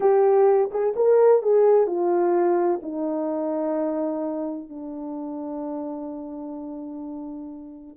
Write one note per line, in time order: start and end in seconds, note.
0.00 0.70 G4
0.71 0.94 G#4
0.95 1.42 A#4
1.42 1.86 G#4
1.86 2.80 F4
2.82 4.69 D#4
4.69 7.97 D4